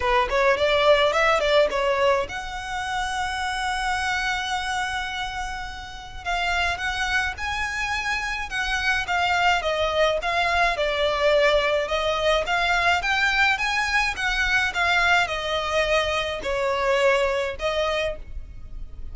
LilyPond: \new Staff \with { instrumentName = "violin" } { \time 4/4 \tempo 4 = 106 b'8 cis''8 d''4 e''8 d''8 cis''4 | fis''1~ | fis''2. f''4 | fis''4 gis''2 fis''4 |
f''4 dis''4 f''4 d''4~ | d''4 dis''4 f''4 g''4 | gis''4 fis''4 f''4 dis''4~ | dis''4 cis''2 dis''4 | }